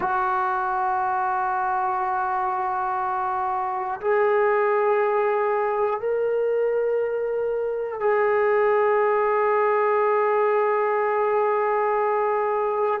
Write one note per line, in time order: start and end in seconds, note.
0.00 4.00 F#4
4.00 6.00 G#4
6.00 8.00 A#4
8.00 13.00 G#4